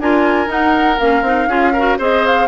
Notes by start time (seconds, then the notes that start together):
0.00 D4 F4 A#4 G#5
0.47 D#4 F#5
0.99 A#3 C#4 F5
1.22 C4 D#4
1.47 C#4 F4 G#4
1.73 F#4 A#4
1.98 C4 G#4 C5 D#5
2.26 F5